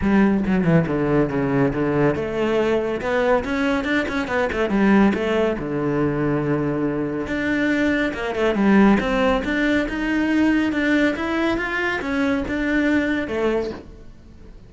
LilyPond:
\new Staff \with { instrumentName = "cello" } { \time 4/4 \tempo 4 = 140 g4 fis8 e8 d4 cis4 | d4 a2 b4 | cis'4 d'8 cis'8 b8 a8 g4 | a4 d2.~ |
d4 d'2 ais8 a8 | g4 c'4 d'4 dis'4~ | dis'4 d'4 e'4 f'4 | cis'4 d'2 a4 | }